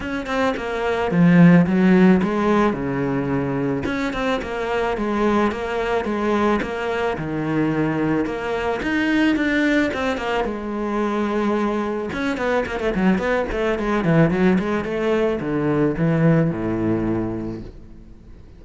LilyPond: \new Staff \with { instrumentName = "cello" } { \time 4/4 \tempo 4 = 109 cis'8 c'8 ais4 f4 fis4 | gis4 cis2 cis'8 c'8 | ais4 gis4 ais4 gis4 | ais4 dis2 ais4 |
dis'4 d'4 c'8 ais8 gis4~ | gis2 cis'8 b8 ais16 a16 fis8 | b8 a8 gis8 e8 fis8 gis8 a4 | d4 e4 a,2 | }